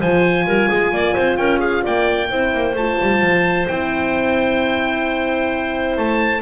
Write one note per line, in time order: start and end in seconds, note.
0.00 0.46 F3
0.00 2.29 F4
0.00 0.46 C5
0.00 1.36 G#5
0.46 0.69 G3
0.46 0.68 A#4
0.68 0.92 G#3
0.68 0.91 G#4
0.92 1.15 A#3
0.92 1.15 D5
1.15 1.37 C4
1.15 1.37 C5
1.36 1.83 C#4
1.36 1.59 A#4
1.36 1.59 G5
1.59 1.82 G#4
1.59 1.83 F5
1.82 2.31 A#3
1.82 2.28 D5
1.82 2.76 G5
2.29 2.54 C4
2.29 2.75 E4
2.29 6.42 C5
2.54 2.73 A#3
2.73 2.96 A3
2.73 3.68 F4
2.73 3.68 A5
3.01 3.21 G3
3.21 3.67 F3
3.68 5.98 C4
3.68 6.42 E4
3.68 5.97 G5
5.97 6.42 A3
5.97 6.42 A5